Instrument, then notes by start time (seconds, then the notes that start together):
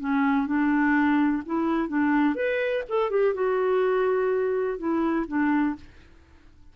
clarinet
0.00 C#4
0.47 D4
1.46 E4
1.89 D4
2.35 B4
2.89 A4
3.11 G4
3.34 F#4
4.78 E4
5.28 D4